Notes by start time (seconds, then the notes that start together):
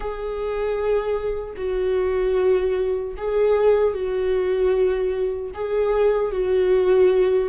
0.00 G#4
1.56 F#4
3.17 G#4
3.93 F#4
5.54 G#4
6.31 F#4